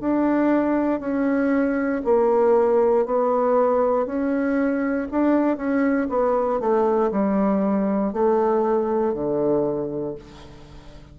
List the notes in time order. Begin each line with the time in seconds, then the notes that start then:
0.00 D4
1.00 C#4
2.04 A#3
3.05 B3
4.06 C#4
5.11 D4
5.57 C#4
6.09 B3
6.60 A3
7.11 G3
8.13 A3
9.13 D3